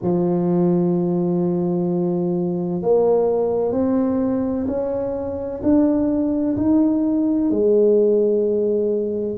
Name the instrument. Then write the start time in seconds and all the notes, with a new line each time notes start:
tuba
0.02 F3
2.82 A#3
3.72 C4
4.67 C#4
5.62 D4
6.56 D#4
7.50 G#3